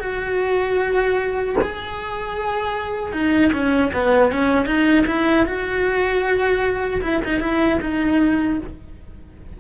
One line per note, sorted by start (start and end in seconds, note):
0.00 1.56 F#4
1.62 3.13 G#4
3.13 3.52 D#4
3.53 3.92 C#4
3.94 4.32 B3
4.32 4.66 C#4
4.66 5.05 D#4
5.07 5.46 E4
5.46 7.02 F#4
7.02 7.22 E4
7.25 7.40 D#4
7.40 7.80 E4
7.81 8.59 D#4